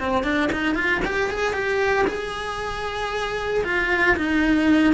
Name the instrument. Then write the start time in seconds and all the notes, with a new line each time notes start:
cello
0.00 C4
0.24 D4
0.53 D#4
0.75 F4
1.05 G4
1.30 G#4
1.54 G4
2.08 G#4
3.65 F4
4.17 D#4